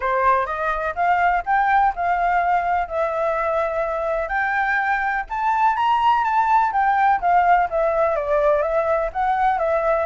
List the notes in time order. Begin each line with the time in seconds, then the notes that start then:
0.00 C5
0.46 D#5
0.95 F5
1.45 G5
1.95 F5
2.88 E5
4.28 G5
5.29 A5
5.76 A#5
6.24 A5
6.72 G5
7.20 F5
7.69 E5
8.15 D5
8.62 E5
9.12 F#5
9.58 E5